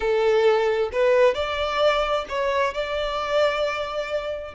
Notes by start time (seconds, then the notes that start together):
0.00 A4
0.92 B4
1.34 D5
2.29 C#5
2.74 D5